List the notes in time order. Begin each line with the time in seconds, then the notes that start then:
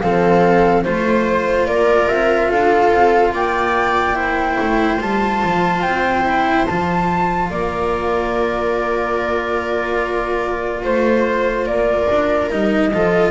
0.00 F3 C4 A4 F5
0.84 A3 F4 C5
1.67 A#3 A#4 D5
2.09 C4 E5
2.49 D4 A4 F5
2.92 C4
3.33 A#3 D5 G5
4.15 E4 C5
4.61 A3
5.01 G3 F4 A5
5.44 F3
5.82 C4 G5
6.26 E4
6.66 F3 F4 A5
7.50 A#3 A#4 D5
10.84 A3 C5
11.66 A#3 A#4 D5
12.11 D4
12.50 G3 D#4 D#5
12.94 F3 F4 A4